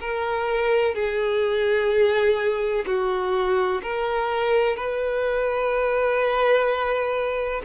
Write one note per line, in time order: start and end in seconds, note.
0.00 0.94 A#4
0.94 2.85 G#4
2.86 3.81 F#4
3.82 4.76 A#4
4.76 7.61 B4